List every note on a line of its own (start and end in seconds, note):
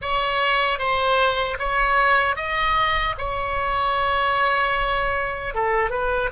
0.01 0.78 C#5
0.78 1.57 C5
1.58 2.36 C#5
2.36 3.15 D#5
3.18 5.54 C#5
5.54 5.90 A4
5.90 6.29 B4